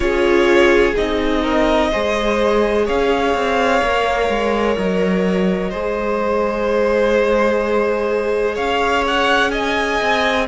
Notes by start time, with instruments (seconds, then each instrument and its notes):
0.00 cello C#4, viola F4, violin G#4 C#5
0.96 cello C4, viola D#4, violin D#5
1.42 violin A#4
1.91 cello G#3, viola G#4, violin C5
2.85 cello C#4, violin C#5 F5
3.34 cello C4
3.82 cello A#3, viola A#4
4.28 cello G#3
4.76 cello F#3, violin D#5
5.70 cello G#3, viola G#4, violin C5
8.55 cello C#4, violin C#5 F5
9.07 violin F#5
9.51 violin D#5 G#5
10.01 cello C4